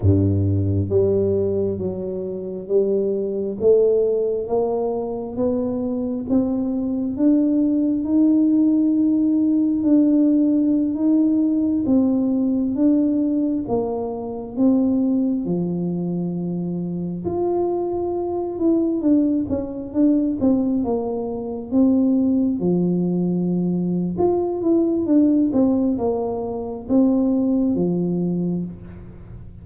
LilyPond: \new Staff \with { instrumentName = "tuba" } { \time 4/4 \tempo 4 = 67 g,4 g4 fis4 g4 | a4 ais4 b4 c'4 | d'4 dis'2 d'4~ | d'16 dis'4 c'4 d'4 ais8.~ |
ais16 c'4 f2 f'8.~ | f'8. e'8 d'8 cis'8 d'8 c'8 ais8.~ | ais16 c'4 f4.~ f16 f'8 e'8 | d'8 c'8 ais4 c'4 f4 | }